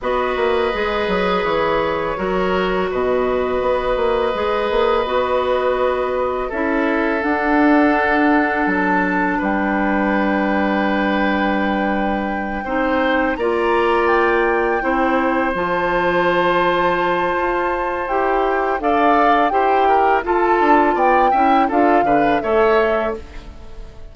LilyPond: <<
  \new Staff \with { instrumentName = "flute" } { \time 4/4 \tempo 4 = 83 dis''2 cis''2 | dis''1~ | dis''4 e''4 fis''2 | a''4 g''2.~ |
g''2~ g''8 ais''4 g''8~ | g''4. a''2~ a''8~ | a''4 g''4 f''4 g''4 | a''4 g''4 f''4 e''4 | }
  \new Staff \with { instrumentName = "oboe" } { \time 4/4 b'2. ais'4 | b'1~ | b'4 a'2.~ | a'4 b'2.~ |
b'4. c''4 d''4.~ | d''8 c''2.~ c''8~ | c''2 d''4 c''8 ais'8 | a'4 d''8 e''8 a'8 b'8 cis''4 | }
  \new Staff \with { instrumentName = "clarinet" } { \time 4/4 fis'4 gis'2 fis'4~ | fis'2 gis'4 fis'4~ | fis'4 e'4 d'2~ | d'1~ |
d'4. dis'4 f'4.~ | f'8 e'4 f'2~ f'8~ | f'4 g'4 a'4 g'4 | f'4. e'8 f'8 d'8 a'4 | }
  \new Staff \with { instrumentName = "bassoon" } { \time 4/4 b8 ais8 gis8 fis8 e4 fis4 | b,4 b8 ais8 gis8 ais8 b4~ | b4 cis'4 d'2 | fis4 g2.~ |
g4. c'4 ais4.~ | ais8 c'4 f2~ f8 | f'4 e'4 d'4 e'4 | f'8 d'8 b8 cis'8 d'8 d8 a4 | }
>>